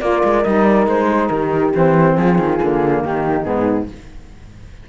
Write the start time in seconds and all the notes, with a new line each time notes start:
0.00 A#3 F4 A#4 D5
0.23 G#3
0.43 G3 D#4 D#5
0.64 D5
0.86 G#3 C5
1.08 G#4
1.28 D#3 G4 A#4
1.72 E3 C4 C5
2.15 F3 F4 G#4
2.38 D#3
2.59 D3 A#3
3.01 D#3 D#4 G4
3.43 G#2 B3 G#4